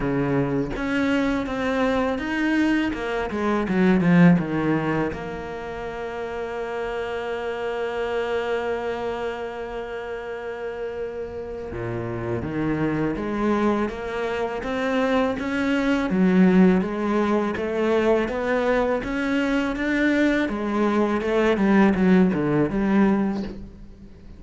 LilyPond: \new Staff \with { instrumentName = "cello" } { \time 4/4 \tempo 4 = 82 cis4 cis'4 c'4 dis'4 | ais8 gis8 fis8 f8 dis4 ais4~ | ais1~ | ais1 |
ais,4 dis4 gis4 ais4 | c'4 cis'4 fis4 gis4 | a4 b4 cis'4 d'4 | gis4 a8 g8 fis8 d8 g4 | }